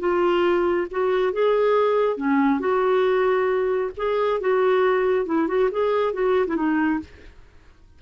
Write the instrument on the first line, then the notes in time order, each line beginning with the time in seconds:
clarinet
0.00 F4
0.91 F#4
1.33 G#4
2.17 C#4
2.60 F#4
3.97 G#4
4.41 F#4
5.26 E4
5.48 F#4
5.72 G#4
6.14 F#4
6.48 E4
6.56 D#4